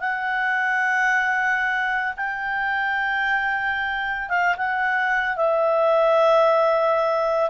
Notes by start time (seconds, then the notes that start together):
0.00 F#5
2.17 G5
4.29 F5
4.57 F#5
5.37 E5